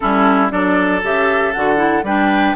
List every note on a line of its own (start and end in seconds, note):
0.00 0.51 G3
0.00 0.50 C#4
0.00 0.52 E4
0.00 0.49 A4
0.50 1.03 F#3
0.50 1.01 D4
0.50 2.05 A4
0.50 1.02 D5
1.03 1.54 C#3
1.03 1.54 G4
1.03 1.52 E5
1.52 2.03 D3
1.52 1.76 F#4
1.52 2.04 F#5
1.76 2.02 E4
2.03 2.54 G3
2.03 2.55 D4
2.03 2.55 B4
2.03 2.55 G5